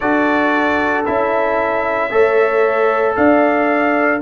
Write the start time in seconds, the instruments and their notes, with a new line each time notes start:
0.00 tuba D4, trombone F#4, horn A4, trumpet D5
1.05 tuba C#4, trombone E4, trumpet E5
2.10 tuba A3, trombone A4, horn C#5
3.16 tuba D4, horn D5, trumpet F5